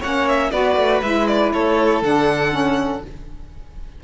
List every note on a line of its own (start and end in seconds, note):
0.00 0.51 A#3
0.00 0.52 C#4
0.00 0.50 C#5
0.00 0.28 F#5
0.28 0.51 E5
0.51 0.76 B3
0.51 1.02 F#4
0.51 1.52 B4
0.51 1.01 D5
0.76 1.01 A3
1.02 1.52 G#3
1.02 2.02 E4
1.02 1.27 E5
1.27 1.52 D5
1.52 2.02 A3
1.52 3.02 A4
1.52 2.03 C#5
2.02 3.02 D3
2.02 2.51 D4
2.02 3.03 F#5
2.51 3.01 C#4